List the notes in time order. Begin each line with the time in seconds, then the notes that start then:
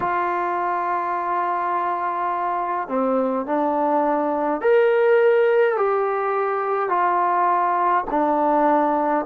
0.00 F4
2.88 C4
3.46 D4
4.61 A#4
5.76 G4
6.89 F4
8.10 D4